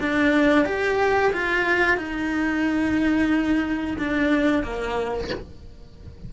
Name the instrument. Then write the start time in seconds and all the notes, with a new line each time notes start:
cello
0.00 D4
0.65 G4
1.33 F4
1.97 D#4
3.98 D4
4.63 A#3